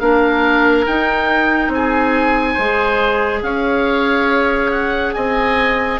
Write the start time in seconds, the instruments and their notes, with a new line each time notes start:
0.00 bassoon A#3, clarinet D4, oboe A#4 F5
0.86 bassoon D#4, clarinet D#4, oboe G5
1.69 bassoon C4, oboe G#5
1.75 oboe G#4
2.54 bassoon G#3, oboe C5
2.60 clarinet G#4
3.42 bassoon C#4, oboe C#5 F5
4.71 oboe F#5
5.14 bassoon C4, oboe D#5 G#5